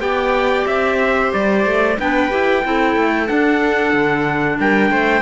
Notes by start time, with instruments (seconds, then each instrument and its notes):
0.00 cello B3, clarinet G4, viola D5, trumpet G5
0.66 cello C4, trumpet E5
1.01 viola C5
1.33 cello G3, trumpet D5
1.65 cello A3
1.99 cello B3, clarinet D4, viola B4, trumpet G5
2.29 cello E4, clarinet G4
2.63 cello C4, clarinet E4, viola A4
2.96 cello A3
3.26 clarinet D4, cello D4, trumpet F#5
3.93 cello D3
4.59 cello G3, viola A#4, trumpet G5
4.90 cello A3, viola C5